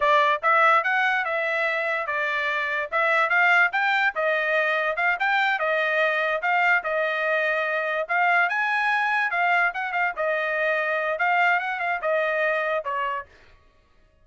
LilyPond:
\new Staff \with { instrumentName = "trumpet" } { \time 4/4 \tempo 4 = 145 d''4 e''4 fis''4 e''4~ | e''4 d''2 e''4 | f''4 g''4 dis''2 | f''8 g''4 dis''2 f''8~ |
f''8 dis''2. f''8~ | f''8 gis''2 f''4 fis''8 | f''8 dis''2~ dis''8 f''4 | fis''8 f''8 dis''2 cis''4 | }